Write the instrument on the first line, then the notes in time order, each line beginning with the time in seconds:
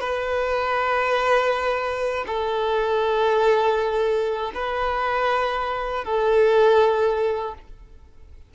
violin
0.00 B4
2.27 A4
4.54 B4
6.04 A4